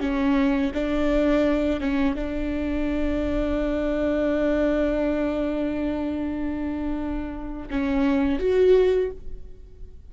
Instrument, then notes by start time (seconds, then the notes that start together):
viola
0.00 C#4
0.74 D4
1.81 C#4
2.15 D4
7.70 C#4
8.39 F#4